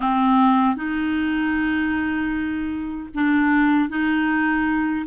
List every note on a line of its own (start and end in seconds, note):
0.00 0.75 C4
0.75 3.09 D#4
3.14 3.89 D4
3.89 5.05 D#4